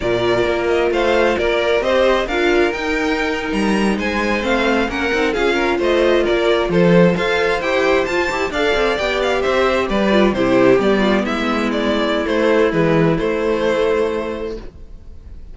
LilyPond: <<
  \new Staff \with { instrumentName = "violin" } { \time 4/4 \tempo 4 = 132 d''4. dis''8 f''4 d''4 | dis''4 f''4 g''4.~ g''16 ais''16~ | ais''8. gis''4 f''4 fis''4 f''16~ | f''8. dis''4 d''4 c''4 f''16~ |
f''8. g''4 a''4 f''4 g''16~ | g''16 f''8 e''4 d''4 c''4 d''16~ | d''8. e''4 d''4~ d''16 c''4 | b'4 c''2. | }
  \new Staff \with { instrumentName = "violin" } { \time 4/4 ais'2 c''4 ais'4 | c''4 ais'2.~ | ais'8. c''2 ais'4 gis'16~ | gis'16 ais'8 c''4 ais'4 a'4 c''16~ |
c''2~ c''8. d''4~ d''16~ | d''8. c''4 b'4 g'4~ g'16~ | g'16 f'8 e'2.~ e'16~ | e'1 | }
  \new Staff \with { instrumentName = "viola" } { \time 4/4 f'1 | g'4 f'4 dis'2~ | dis'4.~ dis'16 c'4 cis'8 dis'8 f'16~ | f'2.~ f'8. a'16~ |
a'8. g'4 f'8 g'8 a'4 g'16~ | g'2~ g'16 f'8 e'4 b16~ | b2. a4 | gis4 a2. | }
  \new Staff \with { instrumentName = "cello" } { \time 4/4 ais,4 ais4 a4 ais4 | c'4 d'4 dis'4.~ dis'16 g16~ | g8. gis4 a4 ais8 c'8 cis'16~ | cis'8. a4 ais4 f4 f'16~ |
f'8. e'4 f'8 e'8 d'8 c'8 b16~ | b8. c'4 g4 c4 g16~ | g8. gis2~ gis16 a4 | e4 a2. | }
>>